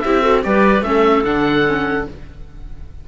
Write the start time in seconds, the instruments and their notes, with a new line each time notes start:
0.00 cello C4, viola E4, clarinet G4, oboe E5
0.21 viola F#4, clarinet A4
0.43 cello G3, viola G4, clarinet B4, oboe D5
0.82 cello A3, viola C#4, clarinet A4, oboe E5
1.24 cello D3, viola D4, oboe F#5
1.66 viola C#4